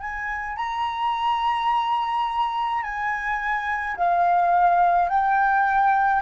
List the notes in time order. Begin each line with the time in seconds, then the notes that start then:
0.00 G#5
0.56 A#5
2.83 G#5
3.96 F5
5.08 G5